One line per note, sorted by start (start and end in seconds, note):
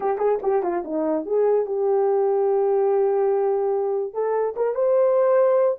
0.00 0.18 G4
0.18 0.38 G#4
0.42 0.62 G4
0.62 0.83 F4
0.84 1.25 D#4
1.25 1.66 G#4
1.66 4.13 G4
4.13 4.54 A4
4.56 4.74 A#4
4.74 5.78 C5